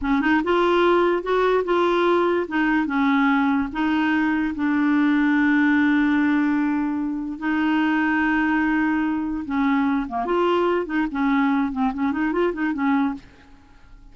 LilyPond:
\new Staff \with { instrumentName = "clarinet" } { \time 4/4 \tempo 4 = 146 cis'8 dis'8 f'2 fis'4 | f'2 dis'4 cis'4~ | cis'4 dis'2 d'4~ | d'1~ |
d'2 dis'2~ | dis'2. cis'4~ | cis'8 ais8 f'4. dis'8 cis'4~ | cis'8 c'8 cis'8 dis'8 f'8 dis'8 cis'4 | }